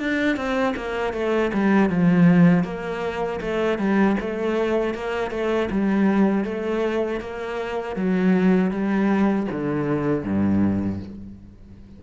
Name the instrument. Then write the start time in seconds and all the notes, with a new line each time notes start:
cello
0.00 D4
0.37 C4
0.77 A#3
1.14 A3
1.54 G3
1.90 F3
2.64 A#3
3.41 A3
3.79 G3
4.21 A3
4.95 A#3
5.31 A3
5.71 G3
6.45 A3
7.21 A#3
7.97 F#3
8.71 G3
9.52 D3
10.24 G2